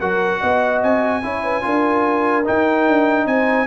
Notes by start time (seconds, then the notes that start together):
0.00 F#3 F#4 A#4 F#5
0.40 B3 D#5
0.83 C4 G#5
1.23 C#4 E4 C#5
1.43 B4
1.62 D4 F4 A#4
2.45 D#4 G5
2.88 D4
3.26 C4 C5 G#5